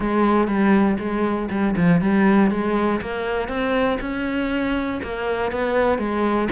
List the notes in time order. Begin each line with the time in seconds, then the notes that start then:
0.00 G#3
0.47 G3
0.99 G#3
1.50 G3
1.76 F3
2.01 G3
2.50 G#3
3.01 A#3
3.48 C4
4.00 C#4
5.03 A#3
5.51 B3
5.98 G#3